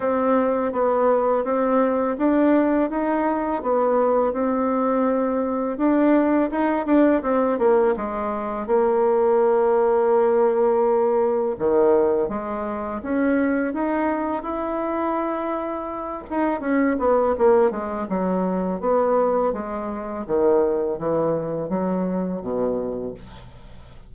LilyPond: \new Staff \with { instrumentName = "bassoon" } { \time 4/4 \tempo 4 = 83 c'4 b4 c'4 d'4 | dis'4 b4 c'2 | d'4 dis'8 d'8 c'8 ais8 gis4 | ais1 |
dis4 gis4 cis'4 dis'4 | e'2~ e'8 dis'8 cis'8 b8 | ais8 gis8 fis4 b4 gis4 | dis4 e4 fis4 b,4 | }